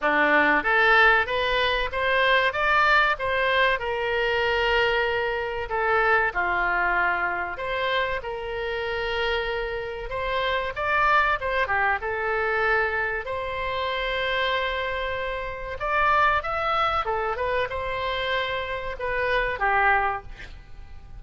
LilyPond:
\new Staff \with { instrumentName = "oboe" } { \time 4/4 \tempo 4 = 95 d'4 a'4 b'4 c''4 | d''4 c''4 ais'2~ | ais'4 a'4 f'2 | c''4 ais'2. |
c''4 d''4 c''8 g'8 a'4~ | a'4 c''2.~ | c''4 d''4 e''4 a'8 b'8 | c''2 b'4 g'4 | }